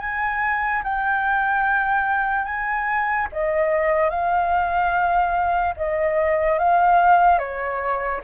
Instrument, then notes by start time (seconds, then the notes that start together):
flute
0.00 G#5
0.84 G5
2.45 G#5
3.32 D#5
4.10 F5
5.77 D#5
6.59 F5
7.39 C#5